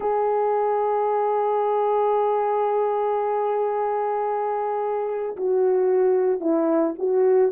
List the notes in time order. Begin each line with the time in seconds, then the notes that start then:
0.00 G#4
5.36 F#4
6.40 E4
6.98 F#4